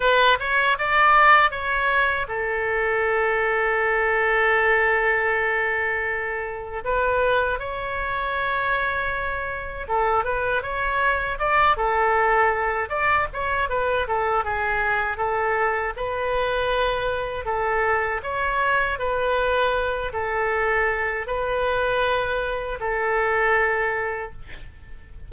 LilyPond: \new Staff \with { instrumentName = "oboe" } { \time 4/4 \tempo 4 = 79 b'8 cis''8 d''4 cis''4 a'4~ | a'1~ | a'4 b'4 cis''2~ | cis''4 a'8 b'8 cis''4 d''8 a'8~ |
a'4 d''8 cis''8 b'8 a'8 gis'4 | a'4 b'2 a'4 | cis''4 b'4. a'4. | b'2 a'2 | }